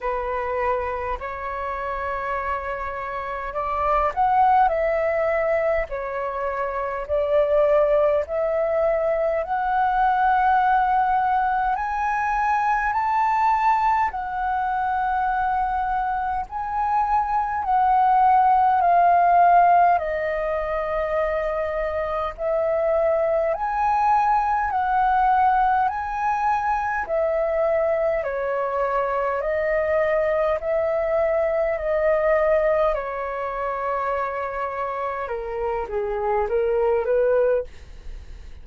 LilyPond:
\new Staff \with { instrumentName = "flute" } { \time 4/4 \tempo 4 = 51 b'4 cis''2 d''8 fis''8 | e''4 cis''4 d''4 e''4 | fis''2 gis''4 a''4 | fis''2 gis''4 fis''4 |
f''4 dis''2 e''4 | gis''4 fis''4 gis''4 e''4 | cis''4 dis''4 e''4 dis''4 | cis''2 ais'8 gis'8 ais'8 b'8 | }